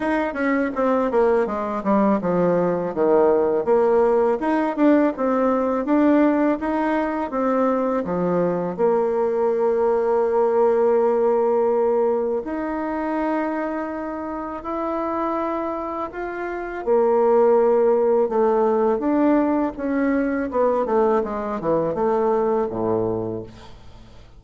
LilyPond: \new Staff \with { instrumentName = "bassoon" } { \time 4/4 \tempo 4 = 82 dis'8 cis'8 c'8 ais8 gis8 g8 f4 | dis4 ais4 dis'8 d'8 c'4 | d'4 dis'4 c'4 f4 | ais1~ |
ais4 dis'2. | e'2 f'4 ais4~ | ais4 a4 d'4 cis'4 | b8 a8 gis8 e8 a4 a,4 | }